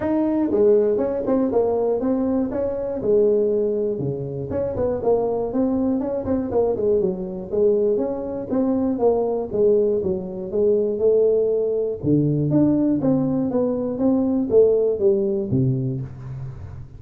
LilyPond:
\new Staff \with { instrumentName = "tuba" } { \time 4/4 \tempo 4 = 120 dis'4 gis4 cis'8 c'8 ais4 | c'4 cis'4 gis2 | cis4 cis'8 b8 ais4 c'4 | cis'8 c'8 ais8 gis8 fis4 gis4 |
cis'4 c'4 ais4 gis4 | fis4 gis4 a2 | d4 d'4 c'4 b4 | c'4 a4 g4 c4 | }